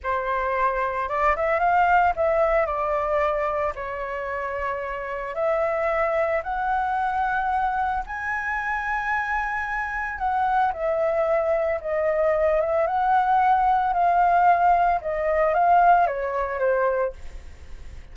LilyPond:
\new Staff \with { instrumentName = "flute" } { \time 4/4 \tempo 4 = 112 c''2 d''8 e''8 f''4 | e''4 d''2 cis''4~ | cis''2 e''2 | fis''2. gis''4~ |
gis''2. fis''4 | e''2 dis''4. e''8 | fis''2 f''2 | dis''4 f''4 cis''4 c''4 | }